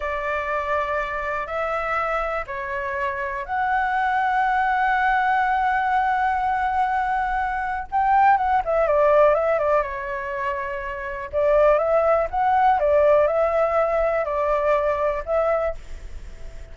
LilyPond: \new Staff \with { instrumentName = "flute" } { \time 4/4 \tempo 4 = 122 d''2. e''4~ | e''4 cis''2 fis''4~ | fis''1~ | fis''1 |
g''4 fis''8 e''8 d''4 e''8 d''8 | cis''2. d''4 | e''4 fis''4 d''4 e''4~ | e''4 d''2 e''4 | }